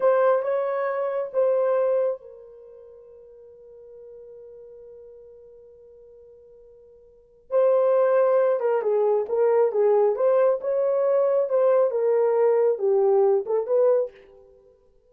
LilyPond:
\new Staff \with { instrumentName = "horn" } { \time 4/4 \tempo 4 = 136 c''4 cis''2 c''4~ | c''4 ais'2.~ | ais'1~ | ais'1~ |
ais'4 c''2~ c''8 ais'8 | gis'4 ais'4 gis'4 c''4 | cis''2 c''4 ais'4~ | ais'4 g'4. a'8 b'4 | }